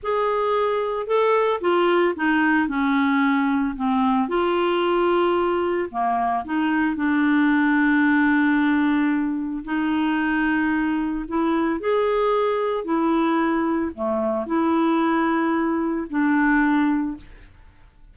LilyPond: \new Staff \with { instrumentName = "clarinet" } { \time 4/4 \tempo 4 = 112 gis'2 a'4 f'4 | dis'4 cis'2 c'4 | f'2. ais4 | dis'4 d'2.~ |
d'2 dis'2~ | dis'4 e'4 gis'2 | e'2 a4 e'4~ | e'2 d'2 | }